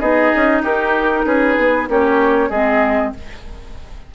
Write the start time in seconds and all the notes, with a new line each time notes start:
0.00 B3 D#4 G#4 D#5
0.36 C#4
0.62 D#4 G4 A#4
1.26 C#4 G#4 B4
1.58 B3
1.89 A#3 C#4 G4 C#5
2.50 G#3 C4 G#4 D#5